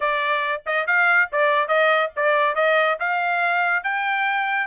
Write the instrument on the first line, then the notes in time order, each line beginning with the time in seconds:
trumpet
0.00 D5
0.66 D#5
0.86 F5
1.32 D5
1.68 D#5
2.15 D5
2.55 D#5
2.99 F5
3.83 G5